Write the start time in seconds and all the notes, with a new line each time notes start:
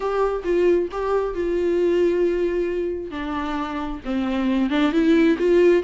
0.00 G4
0.44 F4
0.91 G4
1.34 F4
3.11 D4
4.04 C4
4.70 D4
4.92 E4
5.38 F4